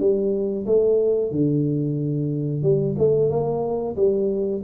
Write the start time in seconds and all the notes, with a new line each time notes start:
0.00 G3
0.66 A3
1.32 D3
2.63 G3
2.99 A3
3.30 A#3
3.97 G3